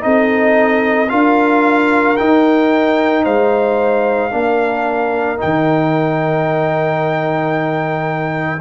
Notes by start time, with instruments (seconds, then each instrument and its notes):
0.00 tuba C4, trombone D#4, horn A4, trumpet D#5
1.08 tuba D4, trombone F4, horn A#4, trumpet F5
2.17 trombone D#4, tuba D#4, trumpet G5
3.23 tuba G#3, horn C5, trumpet F5
4.31 tuba A#3, trombone D4, horn A#4
5.37 trombone D#4, trumpet G5
5.44 tuba D#3